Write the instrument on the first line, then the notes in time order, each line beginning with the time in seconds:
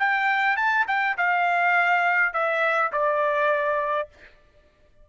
trumpet
0.00 G5
0.57 A5
0.88 G5
1.18 F5
2.34 E5
2.93 D5